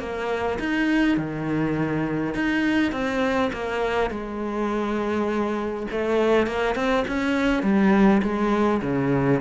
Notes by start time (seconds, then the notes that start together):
0.00 A#3
0.59 D#4
1.18 D#3
2.35 D#4
2.93 C4
3.53 A#3
4.11 G#3
5.91 A3
6.47 A#3
6.75 C4
7.08 C#4
7.63 G3
8.23 G#3
8.83 C#3